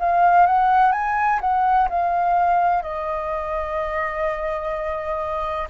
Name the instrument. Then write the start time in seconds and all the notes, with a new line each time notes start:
flute
0.00 F5
0.47 F#5
0.93 G#5
1.41 F#5
1.90 F5
2.83 D#5